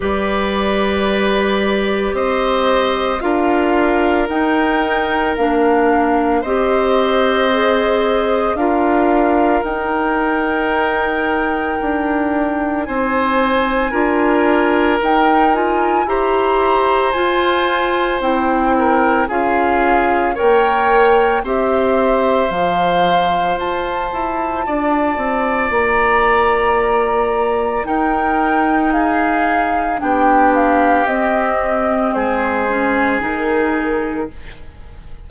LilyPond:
<<
  \new Staff \with { instrumentName = "flute" } { \time 4/4 \tempo 4 = 56 d''2 dis''4 f''4 | g''4 f''4 dis''2 | f''4 g''2. | gis''2 g''8 gis''8 ais''4 |
gis''4 g''4 f''4 g''4 | e''4 f''4 a''2 | ais''2 g''4 f''4 | g''8 f''8 dis''4 c''4 ais'4 | }
  \new Staff \with { instrumentName = "oboe" } { \time 4/4 b'2 c''4 ais'4~ | ais'2 c''2 | ais'1 | c''4 ais'2 c''4~ |
c''4. ais'8 gis'4 cis''4 | c''2. d''4~ | d''2 ais'4 gis'4 | g'2 gis'2 | }
  \new Staff \with { instrumentName = "clarinet" } { \time 4/4 g'2. f'4 | dis'4 d'4 g'4 gis'4 | f'4 dis'2.~ | dis'4 f'4 dis'8 f'8 g'4 |
f'4 e'4 f'4 ais'4 | g'4 f'2.~ | f'2 dis'2 | d'4 c'4. cis'8 dis'4 | }
  \new Staff \with { instrumentName = "bassoon" } { \time 4/4 g2 c'4 d'4 | dis'4 ais4 c'2 | d'4 dis'2 d'4 | c'4 d'4 dis'4 e'4 |
f'4 c'4 cis'4 ais4 | c'4 f4 f'8 e'8 d'8 c'8 | ais2 dis'2 | b4 c'4 gis4 dis4 | }
>>